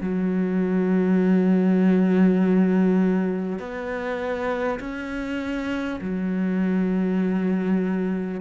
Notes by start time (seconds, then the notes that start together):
0.00 F#3
3.59 B3
4.79 C#4
6.01 F#3